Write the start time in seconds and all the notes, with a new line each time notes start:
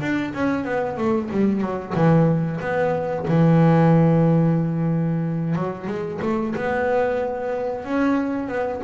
0.00 D4
0.33 C#4
0.64 B3
0.97 A3
1.30 G3
1.60 F#3
1.94 E3
2.60 B3
3.27 E3
5.55 F#3
5.87 G#3
6.22 A3
6.55 B3
7.84 C#4
8.48 B3